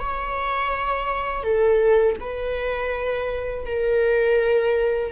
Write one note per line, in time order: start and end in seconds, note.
0.00 1.43 C#5
1.43 2.17 A4
2.21 3.66 B4
3.66 5.12 A#4